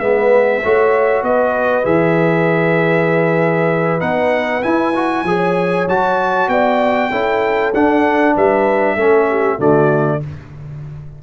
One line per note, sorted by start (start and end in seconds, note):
0.00 0.62 G#3
0.00 0.63 B3
0.00 0.63 B4
0.00 1.24 E5
0.64 1.23 A3
0.64 1.84 F#4
0.64 1.25 C#5
1.23 1.85 B3
1.23 5.28 B4
1.23 1.86 D#5
1.84 4.02 E3
1.84 4.00 G#4
1.84 4.01 E5
4.00 4.64 B3
4.00 4.62 D#4
4.00 4.63 F#5
4.63 4.94 E4
4.63 5.24 E4
4.63 5.87 G#5
4.95 5.26 F#4
5.24 5.86 F3
5.24 5.89 G#4
5.24 6.52 C#5
5.87 6.48 F#3
5.87 7.12 F#4
5.87 6.49 A5
6.48 7.10 B3
6.48 7.11 D5
6.48 7.73 G5
7.11 7.73 C#4
7.11 7.74 E4
7.11 8.35 A4
7.74 8.36 D4
7.74 8.98 D4
7.74 8.36 F#5
8.35 8.96 G3
8.35 8.97 B4
8.35 9.61 E5
8.96 9.58 A3
8.96 9.59 C#4
8.96 9.30 A4
9.30 9.57 G4
9.57 10.21 D3
9.57 10.21 A3
9.57 10.19 F#4
9.57 10.23 D5